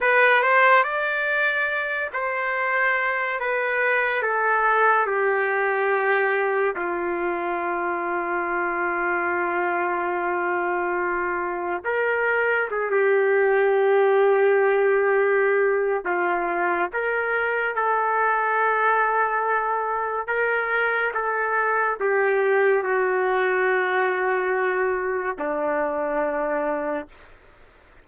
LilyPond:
\new Staff \with { instrumentName = "trumpet" } { \time 4/4 \tempo 4 = 71 b'8 c''8 d''4. c''4. | b'4 a'4 g'2 | f'1~ | f'2 ais'4 gis'16 g'8.~ |
g'2. f'4 | ais'4 a'2. | ais'4 a'4 g'4 fis'4~ | fis'2 d'2 | }